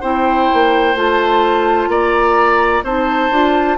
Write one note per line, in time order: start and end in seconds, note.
0.00 0.49 C4
0.00 0.95 E4
0.00 1.88 C5
0.00 0.96 G5
0.53 0.94 A#3
0.94 1.87 A3
0.94 2.82 F4
0.94 1.88 A5
1.87 2.81 A#3
1.87 2.84 D5
1.87 2.82 A#5
2.83 3.30 C4
2.83 3.31 D#4
2.83 3.77 C5
2.83 3.78 A5
3.30 3.77 D4
3.30 3.78 F4